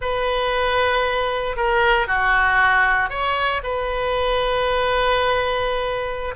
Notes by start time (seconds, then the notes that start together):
0.01 B4
1.56 A#4
2.07 F#4
3.09 C#5
3.63 B4